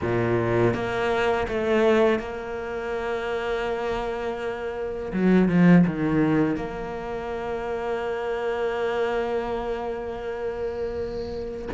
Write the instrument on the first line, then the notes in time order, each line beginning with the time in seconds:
cello
0.01 A#2
0.74 A#3
1.48 A3
2.19 A#3
5.13 F#3
5.48 F3
5.86 D#3
6.56 A#3